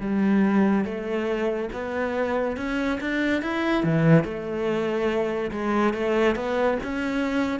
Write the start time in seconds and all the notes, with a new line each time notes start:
0.00 G3
0.84 A3
1.72 B3
2.56 C#4
3.00 D4
3.41 E4
3.83 E3
4.24 A3
5.51 G#3
5.93 A3
6.35 B3
6.83 C#4